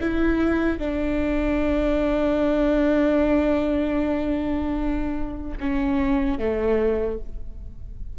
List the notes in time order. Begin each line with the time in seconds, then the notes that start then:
0.00 E4
0.78 D4
5.60 C#4
6.38 A3